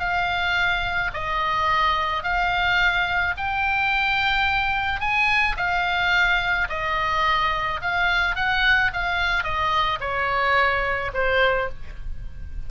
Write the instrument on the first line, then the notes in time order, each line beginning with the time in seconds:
oboe
0.00 F5
1.14 D#5
2.24 F5
3.38 G5
5.01 G#5
5.57 F5
6.70 D#5
7.82 F5
8.36 F#5
8.94 F5
9.44 D#5
10.01 C#5
11.14 C5